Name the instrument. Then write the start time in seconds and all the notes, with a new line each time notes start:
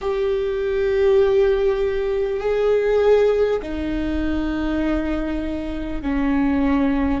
viola
0.01 G4
2.39 G#4
3.62 D#4
6.02 C#4